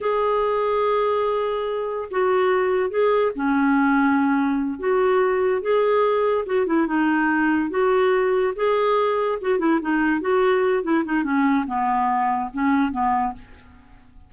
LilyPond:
\new Staff \with { instrumentName = "clarinet" } { \time 4/4 \tempo 4 = 144 gis'1~ | gis'4 fis'2 gis'4 | cis'2.~ cis'8 fis'8~ | fis'4. gis'2 fis'8 |
e'8 dis'2 fis'4.~ | fis'8 gis'2 fis'8 e'8 dis'8~ | dis'8 fis'4. e'8 dis'8 cis'4 | b2 cis'4 b4 | }